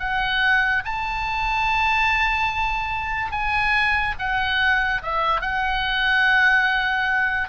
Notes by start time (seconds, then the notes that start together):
0.00 F#5
0.85 A5
3.32 G#5
4.19 F#5
5.03 E5
5.42 F#5